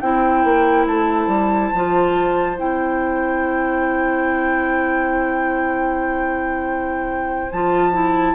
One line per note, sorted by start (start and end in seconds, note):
0.00 0.44 C4
0.00 1.73 E4
0.00 8.35 C5
0.00 0.86 G5
0.44 0.87 A#3
0.87 1.27 A3
0.87 2.59 A5
1.27 1.70 G3
1.74 2.59 F3
1.74 2.56 F4
2.56 7.52 C4
2.56 7.49 E4
2.56 7.51 G5
7.51 8.35 F3
7.51 7.92 F4
7.51 8.35 A5
7.92 8.35 E4